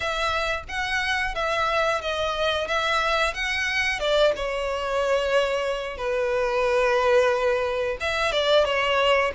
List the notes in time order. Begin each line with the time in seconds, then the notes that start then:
0.00 E5
0.68 F#5
1.35 E5
2.01 D#5
2.67 E5
3.34 F#5
3.99 D5
4.36 C#5
5.97 B4
8.00 E5
8.32 D5
8.65 C#5